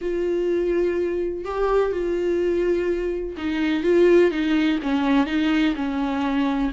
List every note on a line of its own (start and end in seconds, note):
0.01 1.44 F4
1.44 1.92 G4
1.92 3.36 F4
3.37 3.83 D#4
3.83 4.31 F4
4.31 4.79 D#4
4.82 5.26 C#4
5.26 5.74 D#4
5.75 6.71 C#4